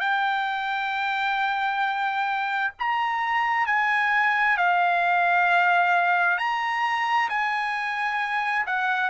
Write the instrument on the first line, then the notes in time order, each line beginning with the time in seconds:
trumpet
0.00 G5
2.80 A#5
3.67 G#5
4.57 F5
6.38 A#5
7.30 G#5
8.67 F#5